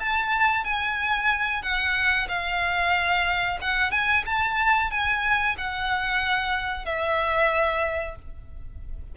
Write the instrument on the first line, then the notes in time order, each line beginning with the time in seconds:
violin
0.00 A5
0.64 G#5
1.62 F#5
2.28 F5
3.61 F#5
3.91 G#5
4.25 A5
4.91 G#5
5.58 F#5
6.85 E5